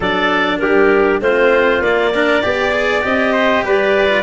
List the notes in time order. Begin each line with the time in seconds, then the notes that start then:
0.00 F#3 D4 A4 D5
0.58 G3 G4 A#4
1.20 A3 C4 F4 C5
1.80 A#3 D5
2.14 D4 A#4
2.42 B3 G4 D5
2.71 G#4
3.01 C4 G4 D#5
3.32 C5
3.64 G3 B4 D5
4.08 F4